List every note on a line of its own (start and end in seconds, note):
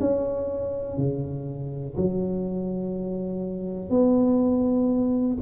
0.00 0.97 C#4
0.97 1.95 C#3
1.96 3.89 F#3
3.89 5.37 B3